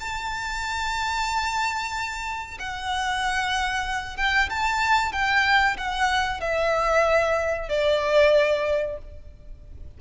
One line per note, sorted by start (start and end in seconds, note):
0.00 2.58 A5
2.59 4.17 F#5
4.17 4.49 G5
4.50 5.13 A5
5.13 5.77 G5
5.77 6.41 F#5
6.41 7.69 E5
7.69 8.98 D5